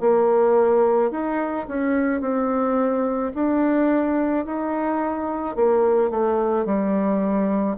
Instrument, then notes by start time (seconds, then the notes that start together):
bassoon
0.00 A#3
1.11 D#4
1.68 C#4
2.21 C4
3.34 D4
4.45 D#4
5.56 A#3
6.10 A3
6.65 G3